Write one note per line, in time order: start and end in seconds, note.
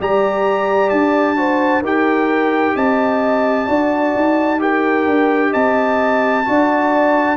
0.00 0.91 G3
0.00 1.36 G4
0.00 1.38 D5
0.00 0.90 A#5
0.90 1.82 D4
0.90 1.82 A5
1.36 1.82 F#4
1.36 1.82 C5
1.82 2.75 D#4
1.82 3.68 G4
1.82 2.74 A#4
1.82 2.76 G5
2.76 3.68 C4
2.76 3.67 D#5
2.76 4.61 A5
3.67 4.15 D4
3.67 4.59 F#4
3.67 4.59 D5
4.16 5.07 D#4
4.59 6.44 G4
4.59 5.50 A#4
4.59 5.53 G5
5.07 5.53 D4
5.50 6.47 C4
5.50 6.42 D#5
5.50 7.37 A5
6.45 7.37 D4
6.45 7.37 F#4
6.45 7.37 D5